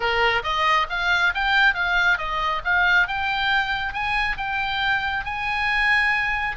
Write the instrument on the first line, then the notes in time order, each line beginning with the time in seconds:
oboe
0.00 A#4
0.43 D#5
0.89 F5
1.34 G5
1.74 F5
2.18 D#5
2.64 F5
3.07 G5
3.93 G#5
4.37 G5
5.25 G#5